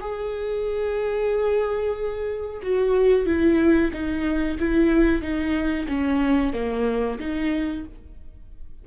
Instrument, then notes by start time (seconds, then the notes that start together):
viola
0.00 G#4
2.62 F#4
3.25 E4
3.92 D#4
4.59 E4
5.21 D#4
5.88 C#4
6.53 A#3
7.19 D#4